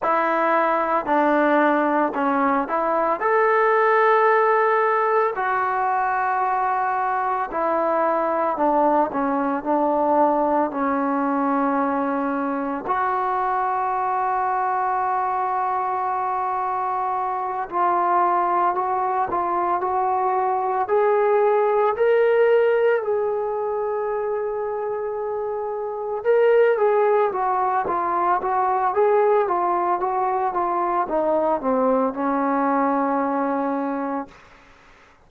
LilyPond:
\new Staff \with { instrumentName = "trombone" } { \time 4/4 \tempo 4 = 56 e'4 d'4 cis'8 e'8 a'4~ | a'4 fis'2 e'4 | d'8 cis'8 d'4 cis'2 | fis'1~ |
fis'8 f'4 fis'8 f'8 fis'4 gis'8~ | gis'8 ais'4 gis'2~ gis'8~ | gis'8 ais'8 gis'8 fis'8 f'8 fis'8 gis'8 f'8 | fis'8 f'8 dis'8 c'8 cis'2 | }